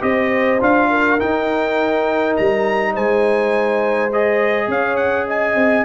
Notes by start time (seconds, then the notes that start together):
0.00 C4 G4 D#5
0.06 C5
0.60 D4 F4 F5
0.89 A#4
1.19 D#4 G5
2.36 G3 A#5
2.93 G#3 C5 G#5
4.12 G#4 D#5
4.67 C#4 C#5 F5
4.96 F#5
5.27 D#5 G#5
5.54 C4